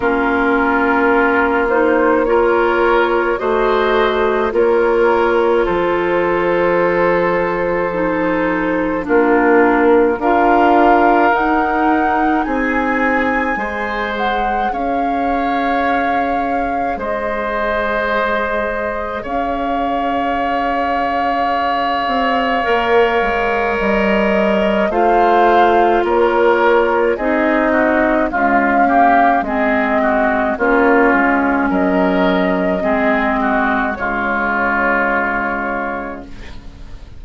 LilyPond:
<<
  \new Staff \with { instrumentName = "flute" } { \time 4/4 \tempo 4 = 53 ais'4. c''8 cis''4 dis''4 | cis''4 c''2. | ais'4 f''4 fis''4 gis''4~ | gis''8 fis''8 f''2 dis''4~ |
dis''4 f''2.~ | f''4 dis''4 f''4 cis''4 | dis''4 f''4 dis''4 cis''4 | dis''2 cis''2 | }
  \new Staff \with { instrumentName = "oboe" } { \time 4/4 f'2 ais'4 c''4 | ais'4 a'2. | f'4 ais'2 gis'4 | c''4 cis''2 c''4~ |
c''4 cis''2.~ | cis''2 c''4 ais'4 | gis'8 fis'8 f'8 g'8 gis'8 fis'8 f'4 | ais'4 gis'8 fis'8 f'2 | }
  \new Staff \with { instrumentName = "clarinet" } { \time 4/4 cis'4. dis'8 f'4 fis'4 | f'2. dis'4 | d'4 f'4 dis'2 | gis'1~ |
gis'1 | ais'2 f'2 | dis'4 gis8 ais8 c'4 cis'4~ | cis'4 c'4 gis2 | }
  \new Staff \with { instrumentName = "bassoon" } { \time 4/4 ais2. a4 | ais4 f2. | ais4 d'4 dis'4 c'4 | gis4 cis'2 gis4~ |
gis4 cis'2~ cis'8 c'8 | ais8 gis8 g4 a4 ais4 | c'4 cis'4 gis4 ais8 gis8 | fis4 gis4 cis2 | }
>>